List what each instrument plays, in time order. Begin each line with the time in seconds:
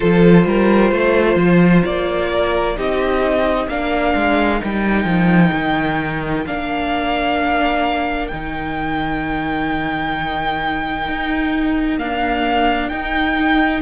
0.00 cello F3, viola F4, violin A4 C5
0.45 cello G3, violin A#4
0.91 cello A3, violin C5
1.36 cello F3
1.84 cello A#3, violin D5
2.32 violin A#4
2.76 cello C4, viola D#4, violin G4 D#5
3.67 cello A#3, viola D4, violin A#4 F5
4.15 cello G#3
4.58 cello G3, viola D#4, violin G5
5.04 cello F3
5.52 cello D#3
6.46 cello A#3, viola D4, violin F5
8.27 cello D#3, viola D#4, violin G5
11.07 cello D#4
11.97 viola A#3, cello D4, violin F5
12.88 viola D#4, cello D#4, violin G5